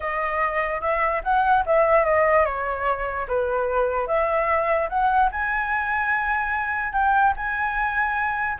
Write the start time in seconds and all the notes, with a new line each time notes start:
0.00 D#5
0.80 E5
1.23 F#5
1.66 E5
2.04 D#5
2.45 C#5
3.28 B4
4.07 E5
4.89 F#5
5.31 G#5
6.92 G5
7.36 G#5